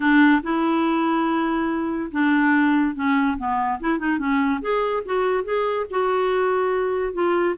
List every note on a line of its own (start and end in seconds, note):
0.00 0.41 D4
0.43 2.11 E4
2.11 2.95 D4
2.95 3.37 C#4
3.37 3.79 B3
3.80 3.98 E4
3.98 4.18 D#4
4.18 4.60 C#4
4.61 5.03 G#4
5.05 5.44 F#4
5.44 5.86 G#4
5.90 7.13 F#4
7.13 7.55 F4